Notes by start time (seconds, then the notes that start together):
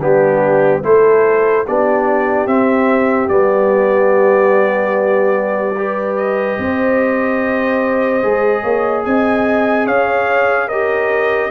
0.00 G3 B3 D4 G4
0.84 A3 E4 A4 C5
1.67 B3 D4 G4 D5
2.47 C4 E5
3.29 G3 B3 D5
5.78 G4 B4
6.16 D#5
6.59 C4 C5
8.23 G#3 G#4
8.63 A#3 C#5
9.05 C4 D#5 G#5
9.86 C#4 C#5 F5
10.68 G4 A#4 D#5